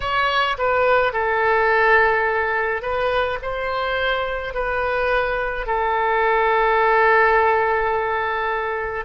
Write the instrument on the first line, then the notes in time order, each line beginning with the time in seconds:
oboe
0.00 C#5
0.58 B4
1.12 A4
2.81 B4
3.42 C5
4.53 B4
5.66 A4